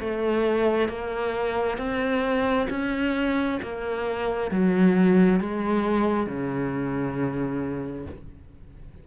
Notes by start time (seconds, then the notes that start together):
0.00 A3
0.89 A#3
1.78 C4
2.70 C#4
3.63 A#3
4.51 F#3
5.41 G#3
6.27 C#3